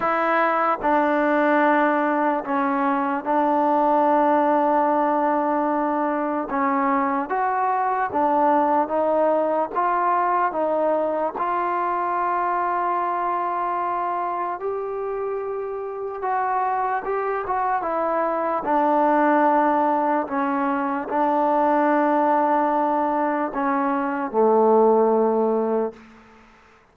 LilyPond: \new Staff \with { instrumentName = "trombone" } { \time 4/4 \tempo 4 = 74 e'4 d'2 cis'4 | d'1 | cis'4 fis'4 d'4 dis'4 | f'4 dis'4 f'2~ |
f'2 g'2 | fis'4 g'8 fis'8 e'4 d'4~ | d'4 cis'4 d'2~ | d'4 cis'4 a2 | }